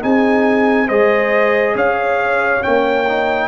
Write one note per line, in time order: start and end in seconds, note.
0.00 0.89 C4
0.00 0.87 D#4
0.00 0.87 G#4
0.00 0.89 G#5
0.87 1.75 G#3
0.87 2.61 G#4
0.87 1.74 C5
0.87 1.76 D#5
1.75 2.62 C#4
1.75 3.48 C#5
1.75 2.63 F5
2.61 3.04 C#4
2.61 3.48 G5
2.67 3.48 A#3
3.08 3.48 D#4